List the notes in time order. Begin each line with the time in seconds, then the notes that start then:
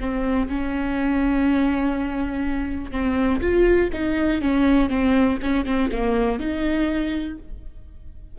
0.00 C4
0.48 C#4
2.91 C4
3.41 F4
3.93 D#4
4.41 C#4
4.89 C4
5.42 C#4
5.65 C4
5.92 A#3
6.39 D#4